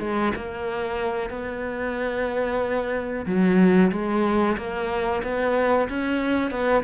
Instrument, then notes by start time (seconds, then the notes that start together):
cello
0.00 G#3
0.36 A#3
1.30 B3
3.26 F#3
3.92 G#3
4.57 A#3
5.23 B3
5.89 C#4
6.51 B3